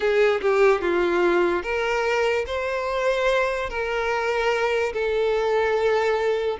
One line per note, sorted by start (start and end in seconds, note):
0.00 0.40 G#4
0.41 0.81 G4
0.81 1.63 F4
1.63 2.45 A#4
2.46 3.69 C5
3.69 4.92 A#4
4.93 6.58 A4